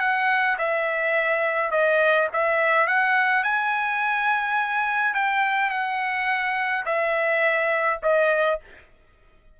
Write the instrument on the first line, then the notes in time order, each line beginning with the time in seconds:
trumpet
0.00 F#5
0.58 E5
1.71 D#5
2.33 E5
2.87 F#5
3.44 G#5
5.14 G5
5.70 F#5
6.85 E5
8.02 D#5